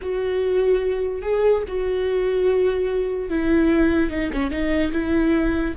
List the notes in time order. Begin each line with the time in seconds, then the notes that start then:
0.01 F#4
1.21 G#4
1.67 F#4
3.29 E4
4.10 D#4
4.32 C#4
4.50 D#4
4.92 E4